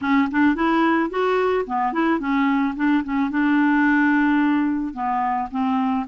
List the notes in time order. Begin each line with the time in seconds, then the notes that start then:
0.01 C#4
0.31 D4
0.55 E4
1.10 F#4
1.66 B3
1.92 E4
2.19 C#4
2.75 D4
3.04 C#4
3.30 D4
4.93 B3
5.51 C4